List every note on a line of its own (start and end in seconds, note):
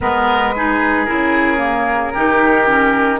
0.00 1.08 G#3
0.00 0.54 B3
0.00 0.54 A#4
0.00 1.05 B4
0.55 1.06 D#4
0.55 2.13 G#4
1.05 2.15 C#3
1.05 1.57 E4
1.05 3.19 A#4
1.57 2.11 A#3
2.13 3.19 D#3
2.13 2.66 D#4
2.13 3.19 G4
2.66 3.19 C#4